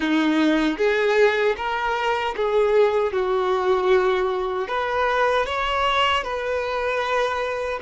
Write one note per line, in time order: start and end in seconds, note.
0.00 0.77 D#4
0.77 1.55 G#4
1.56 2.34 A#4
2.36 3.12 G#4
3.12 4.68 F#4
4.68 5.45 B4
5.45 6.23 C#5
6.23 7.79 B4